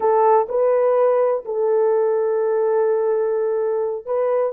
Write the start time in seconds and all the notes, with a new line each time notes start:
0.00 A4
0.48 B4
1.45 A4
4.05 B4